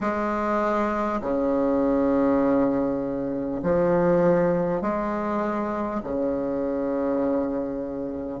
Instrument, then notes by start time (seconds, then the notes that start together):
bassoon
0.01 G#3
1.21 C#3
3.62 F3
4.81 G#3
6.03 C#3